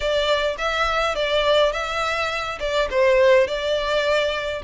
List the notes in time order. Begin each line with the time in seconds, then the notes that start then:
0.00 D5
0.57 E5
1.15 D5
1.72 E5
2.59 D5
2.90 C5
3.47 D5